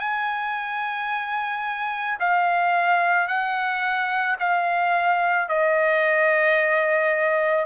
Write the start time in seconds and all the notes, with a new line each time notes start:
0.00 G#5
2.20 F5
3.28 F#5
4.40 F5
5.49 D#5